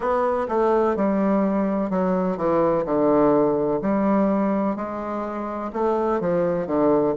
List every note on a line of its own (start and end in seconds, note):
0.00 0.47 B3
0.48 0.95 A3
0.95 1.90 G3
1.90 2.37 F#3
2.37 2.84 E3
2.85 3.80 D3
3.81 4.76 G3
4.76 5.71 G#3
5.72 6.20 A3
6.20 6.66 F3
6.66 7.14 D3